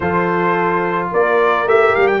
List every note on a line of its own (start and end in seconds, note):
0.00 1.11 F3
0.00 1.67 F4
0.00 1.10 A4
0.00 1.08 C5
1.10 1.65 A#3
1.10 2.20 A#4
1.10 1.68 D5
1.65 1.93 A3
1.65 2.20 G4
1.65 1.95 E5
1.95 2.20 G3
1.95 2.07 F5
2.07 2.20 G5